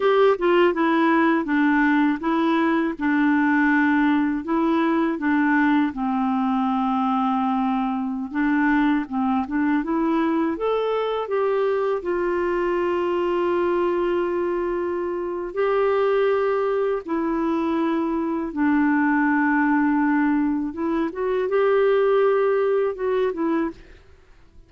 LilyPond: \new Staff \with { instrumentName = "clarinet" } { \time 4/4 \tempo 4 = 81 g'8 f'8 e'4 d'4 e'4 | d'2 e'4 d'4 | c'2.~ c'16 d'8.~ | d'16 c'8 d'8 e'4 a'4 g'8.~ |
g'16 f'2.~ f'8.~ | f'4 g'2 e'4~ | e'4 d'2. | e'8 fis'8 g'2 fis'8 e'8 | }